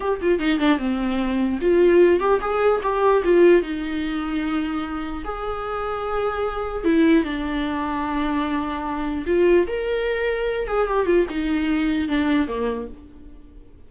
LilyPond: \new Staff \with { instrumentName = "viola" } { \time 4/4 \tempo 4 = 149 g'8 f'8 dis'8 d'8 c'2 | f'4. g'8 gis'4 g'4 | f'4 dis'2.~ | dis'4 gis'2.~ |
gis'4 e'4 d'2~ | d'2. f'4 | ais'2~ ais'8 gis'8 g'8 f'8 | dis'2 d'4 ais4 | }